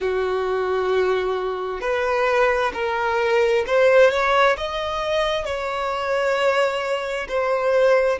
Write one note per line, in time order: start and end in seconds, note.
0.00 1.81 F#4
1.81 2.71 B4
2.73 3.64 A#4
3.66 4.10 C5
4.10 4.56 C#5
4.57 5.45 D#5
5.45 7.27 C#5
7.28 8.19 C5